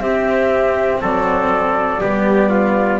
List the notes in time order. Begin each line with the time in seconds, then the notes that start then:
0.00 C4 G4 E5
1.01 F#3 A4 D5
2.00 G3 B3 G4
2.49 F4